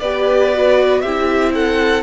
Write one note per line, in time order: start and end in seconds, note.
0.00 1.03 B3
0.00 0.54 G4
0.00 1.03 B4
0.00 1.01 D5
0.54 1.05 F#4
1.01 2.03 C4
1.01 2.03 E4
1.01 1.54 G4
1.01 1.52 E5
1.54 2.03 A4
1.54 2.03 F#5